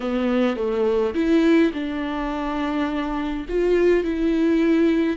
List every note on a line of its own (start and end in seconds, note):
0.00 0.56 B3
0.56 1.14 A3
1.14 1.72 E4
1.73 3.46 D4
3.49 4.04 F4
4.04 5.16 E4